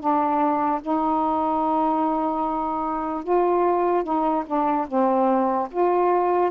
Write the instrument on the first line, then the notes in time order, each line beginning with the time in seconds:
saxophone
0.00 D4
0.82 D#4
3.24 F4
4.04 D#4
4.47 D4
4.88 C4
5.71 F4